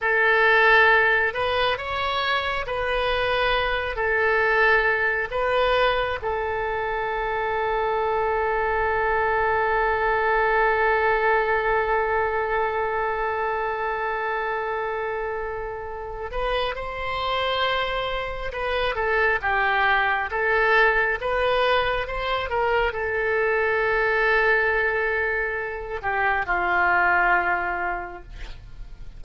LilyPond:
\new Staff \with { instrumentName = "oboe" } { \time 4/4 \tempo 4 = 68 a'4. b'8 cis''4 b'4~ | b'8 a'4. b'4 a'4~ | a'1~ | a'1~ |
a'2~ a'8 b'8 c''4~ | c''4 b'8 a'8 g'4 a'4 | b'4 c''8 ais'8 a'2~ | a'4. g'8 f'2 | }